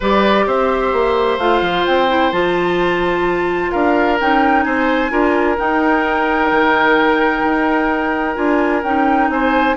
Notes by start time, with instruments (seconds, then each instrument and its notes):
0.00 bassoon G3, clarinet G4, oboe B4, flute D5
0.46 bassoon C4, oboe C5, flute E5
0.93 bassoon A#3
1.37 bassoon A3, clarinet F4, flute F5
1.61 bassoon F3
1.86 bassoon C4, flute G5
2.08 clarinet E4
2.31 bassoon F3, clarinet F4, flute A5
3.71 bassoon D4, oboe A#4, flute F5
4.20 bassoon C#4, clarinet D#4, flute G5
4.63 bassoon C4, oboe C5, flute G#5
5.09 bassoon D4, clarinet F4, oboe A#4
5.57 clarinet D#4, bassoon D#4, flute G5
6.51 bassoon D#3
7.43 bassoon D#4
8.35 bassoon D4, clarinet F4, flute G#5
8.83 bassoon C#4, clarinet D#4, flute G5
9.29 bassoon C4, oboe C5, flute G#5